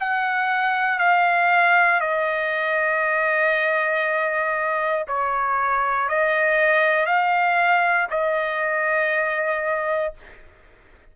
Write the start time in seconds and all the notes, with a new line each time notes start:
0.00 F#5
0.99 F5
2.00 D#5
5.08 C#5
6.09 D#5
7.06 F5
8.10 D#5